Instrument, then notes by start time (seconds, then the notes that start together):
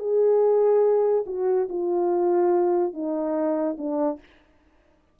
horn
0.00 G#4
1.27 F#4
1.69 F4
2.94 D#4
3.78 D4